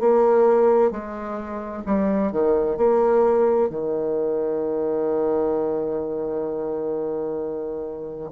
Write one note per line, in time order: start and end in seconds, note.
0.00 0.91 A#3
0.91 1.83 G#3
1.86 2.32 G3
2.32 2.77 D#3
2.77 3.70 A#3
3.70 8.31 D#3